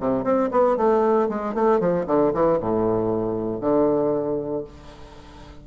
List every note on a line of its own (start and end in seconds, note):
0.00 0.24 C3
0.24 0.50 C4
0.51 0.77 B3
0.77 1.29 A3
1.29 1.55 G#3
1.55 1.80 A3
1.80 2.06 F3
2.07 2.33 D3
2.34 2.60 E3
2.60 3.61 A2
3.61 4.64 D3